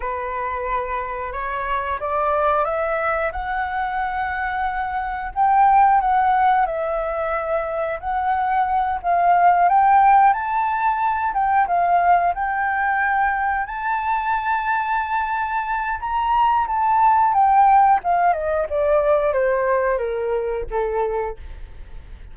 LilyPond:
\new Staff \with { instrumentName = "flute" } { \time 4/4 \tempo 4 = 90 b'2 cis''4 d''4 | e''4 fis''2. | g''4 fis''4 e''2 | fis''4. f''4 g''4 a''8~ |
a''4 g''8 f''4 g''4.~ | g''8 a''2.~ a''8 | ais''4 a''4 g''4 f''8 dis''8 | d''4 c''4 ais'4 a'4 | }